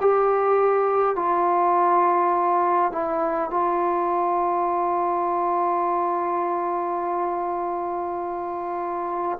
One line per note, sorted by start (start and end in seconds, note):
0.00 1.16 G4
1.16 2.92 F4
2.92 3.50 E4
3.50 9.39 F4